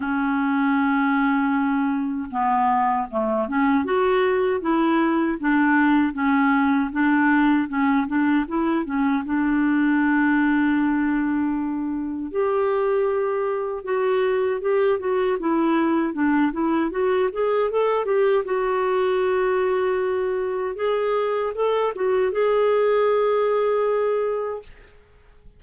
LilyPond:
\new Staff \with { instrumentName = "clarinet" } { \time 4/4 \tempo 4 = 78 cis'2. b4 | a8 cis'8 fis'4 e'4 d'4 | cis'4 d'4 cis'8 d'8 e'8 cis'8 | d'1 |
g'2 fis'4 g'8 fis'8 | e'4 d'8 e'8 fis'8 gis'8 a'8 g'8 | fis'2. gis'4 | a'8 fis'8 gis'2. | }